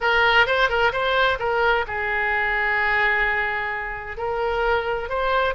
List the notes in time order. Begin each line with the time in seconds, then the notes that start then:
0.00 A#4
0.46 C5
0.69 A#4
0.92 C5
1.39 A#4
1.87 G#4
4.17 A#4
5.09 C5